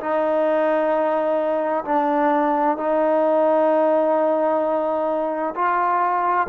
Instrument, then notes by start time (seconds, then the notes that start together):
trombone
0.00 D#4
1.85 D4
2.77 D#4
5.55 F4